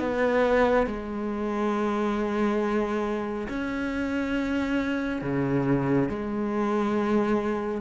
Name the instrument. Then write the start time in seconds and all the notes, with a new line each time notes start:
cello
0.00 B3
0.87 G#3
3.49 C#4
5.22 C#3
6.09 G#3